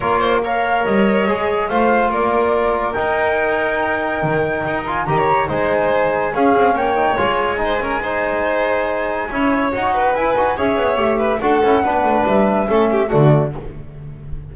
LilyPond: <<
  \new Staff \with { instrumentName = "flute" } { \time 4/4 \tempo 4 = 142 cis''4 f''4 dis''2 | f''4 d''2 g''4~ | g''2.~ g''8 gis''8 | ais''4 gis''2 f''4 |
g''4 gis''2.~ | gis''2. fis''4 | gis''4 e''2 fis''4~ | fis''4 e''2 d''4 | }
  \new Staff \with { instrumentName = "violin" } { \time 4/4 ais'8 c''8 cis''2. | c''4 ais'2.~ | ais'1 | dis''16 cis''8. c''2 gis'4 |
cis''2 c''8 ais'8 c''4~ | c''2 cis''4. b'8~ | b'4 cis''4. b'8 a'4 | b'2 a'8 g'8 fis'4 | }
  \new Staff \with { instrumentName = "trombone" } { \time 4/4 f'4 ais'2 gis'4 | f'2. dis'4~ | dis'2.~ dis'8 f'8 | g'4 dis'2 cis'4~ |
cis'8 dis'8 f'4 dis'8 cis'8 dis'4~ | dis'2 e'4 fis'4 | e'8 fis'8 gis'4 g'4 fis'8 e'8 | d'2 cis'4 a4 | }
  \new Staff \with { instrumentName = "double bass" } { \time 4/4 ais2 g4 gis4 | a4 ais2 dis'4~ | dis'2 dis4 dis'4 | dis4 gis2 cis'8 c'8 |
ais4 gis2.~ | gis2 cis'4 dis'4 | e'8 dis'8 cis'8 b8 a4 d'8 cis'8 | b8 a8 g4 a4 d4 | }
>>